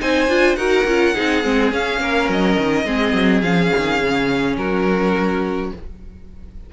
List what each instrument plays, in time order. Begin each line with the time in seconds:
0.00 cello C4, viola D#4, violin C5 G#5
0.29 cello D4, viola F4
0.56 cello D#4, viola F#4, violin A#4 F#5
0.85 cello C#4, viola F4
1.15 cello C4, viola D#4, violin G#4
1.43 cello G#3, viola C4
1.72 viola C#4, cello C#4, violin F5
2.01 cello A#3, violin A#4
2.29 cello F#3, violin D#5
2.58 cello D#3
2.85 cello G#3, viola C4, violin G#4
3.14 cello F#3
3.42 cello F3, viola C#4, violin F5
3.77 cello D#3
4.01 cello C#3
4.57 cello F#3, violin F#4 A#4